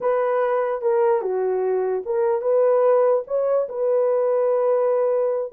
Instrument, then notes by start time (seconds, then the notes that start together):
horn
0.00 B4
0.81 A#4
1.21 F#4
2.05 A#4
2.41 B4
3.27 C#5
3.68 B4